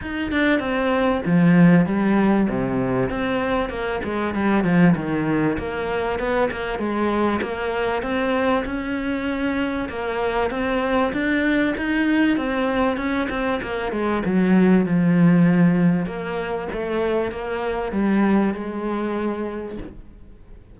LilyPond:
\new Staff \with { instrumentName = "cello" } { \time 4/4 \tempo 4 = 97 dis'8 d'8 c'4 f4 g4 | c4 c'4 ais8 gis8 g8 f8 | dis4 ais4 b8 ais8 gis4 | ais4 c'4 cis'2 |
ais4 c'4 d'4 dis'4 | c'4 cis'8 c'8 ais8 gis8 fis4 | f2 ais4 a4 | ais4 g4 gis2 | }